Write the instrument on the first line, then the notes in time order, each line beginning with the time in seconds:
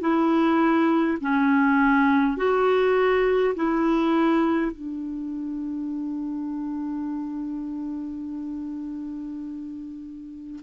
clarinet
0.00 E4
1.20 C#4
2.37 F#4
3.55 E4
4.71 D4